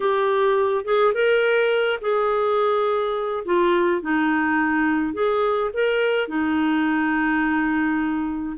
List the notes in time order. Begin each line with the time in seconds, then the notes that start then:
0.00 G4
0.84 G#4
1.14 A#4
2.01 G#4
3.45 F4
4.01 D#4
5.13 G#4
5.73 A#4
6.28 D#4